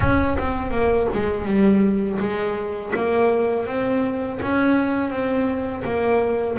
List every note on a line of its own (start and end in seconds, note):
0.00 0.37 C#4
0.38 0.71 C4
0.71 1.07 A#3
1.13 1.45 G#3
1.45 2.18 G3
2.19 2.92 G#3
2.95 3.66 A#3
3.66 4.39 C4
4.42 5.10 C#4
5.10 5.83 C4
5.84 6.57 A#3